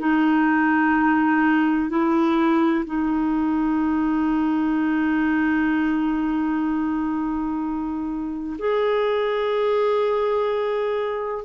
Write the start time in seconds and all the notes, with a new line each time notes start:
0.00 D#4
1.90 E4
2.86 D#4
8.59 G#4